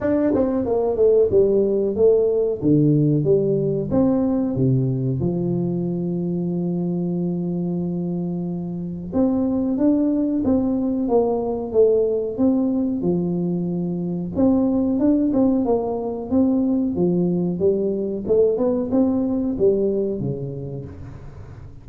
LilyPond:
\new Staff \with { instrumentName = "tuba" } { \time 4/4 \tempo 4 = 92 d'8 c'8 ais8 a8 g4 a4 | d4 g4 c'4 c4 | f1~ | f2 c'4 d'4 |
c'4 ais4 a4 c'4 | f2 c'4 d'8 c'8 | ais4 c'4 f4 g4 | a8 b8 c'4 g4 cis4 | }